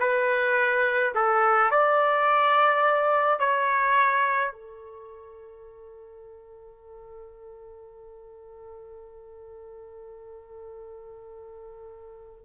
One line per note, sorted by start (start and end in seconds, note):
0.00 1.13 B4
1.15 1.70 A4
1.70 3.40 D5
3.40 4.52 C#5
4.52 12.45 A4